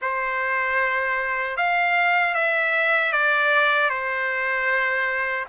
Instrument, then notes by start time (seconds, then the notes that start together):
trumpet
0.01 C5
1.56 F5
2.34 E5
3.12 D5
3.89 C5